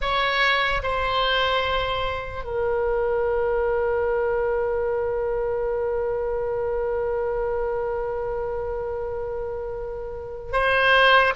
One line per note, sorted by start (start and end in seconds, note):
0.01 0.82 C#5
0.83 2.43 C5
2.43 10.52 A#4
10.52 11.33 C5